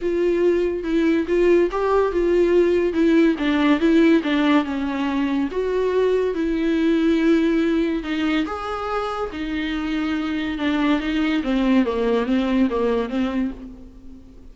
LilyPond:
\new Staff \with { instrumentName = "viola" } { \time 4/4 \tempo 4 = 142 f'2 e'4 f'4 | g'4 f'2 e'4 | d'4 e'4 d'4 cis'4~ | cis'4 fis'2 e'4~ |
e'2. dis'4 | gis'2 dis'2~ | dis'4 d'4 dis'4 c'4 | ais4 c'4 ais4 c'4 | }